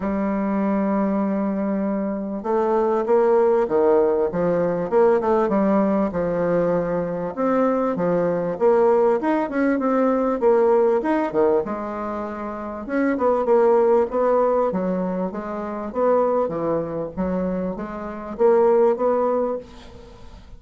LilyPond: \new Staff \with { instrumentName = "bassoon" } { \time 4/4 \tempo 4 = 98 g1 | a4 ais4 dis4 f4 | ais8 a8 g4 f2 | c'4 f4 ais4 dis'8 cis'8 |
c'4 ais4 dis'8 dis8 gis4~ | gis4 cis'8 b8 ais4 b4 | fis4 gis4 b4 e4 | fis4 gis4 ais4 b4 | }